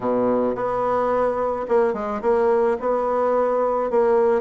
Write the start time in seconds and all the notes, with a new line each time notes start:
0.00 B2
0.55 B3
1.68 A#3
1.93 G#3
2.21 A#3
2.80 B3
3.90 A#3